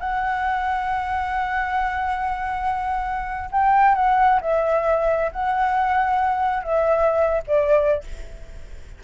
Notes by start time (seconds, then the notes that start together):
0.00 F#5
3.51 G5
3.95 F#5
4.41 E5
5.32 F#5
6.63 E5
7.47 D5